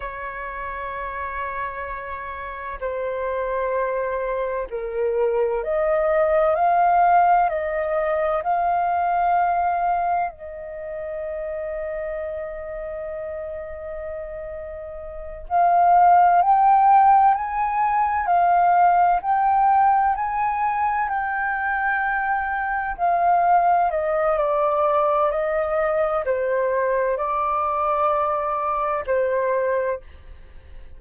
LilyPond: \new Staff \with { instrumentName = "flute" } { \time 4/4 \tempo 4 = 64 cis''2. c''4~ | c''4 ais'4 dis''4 f''4 | dis''4 f''2 dis''4~ | dis''1~ |
dis''8 f''4 g''4 gis''4 f''8~ | f''8 g''4 gis''4 g''4.~ | g''8 f''4 dis''8 d''4 dis''4 | c''4 d''2 c''4 | }